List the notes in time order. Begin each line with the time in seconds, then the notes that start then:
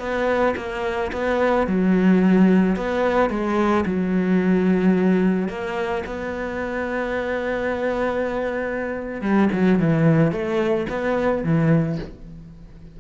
0.00 B3
0.57 A#3
1.12 B3
1.67 F#3
2.77 B3
3.30 G#3
3.86 F#3
5.49 A#3
6.07 B3
9.22 G3
9.53 F#3
9.80 E3
10.32 A3
10.90 B3
11.44 E3